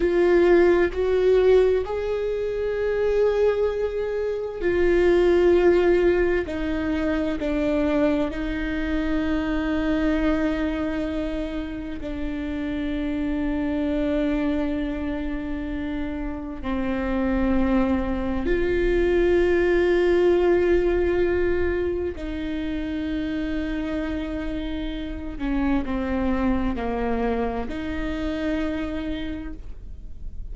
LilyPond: \new Staff \with { instrumentName = "viola" } { \time 4/4 \tempo 4 = 65 f'4 fis'4 gis'2~ | gis'4 f'2 dis'4 | d'4 dis'2.~ | dis'4 d'2.~ |
d'2 c'2 | f'1 | dis'2.~ dis'8 cis'8 | c'4 ais4 dis'2 | }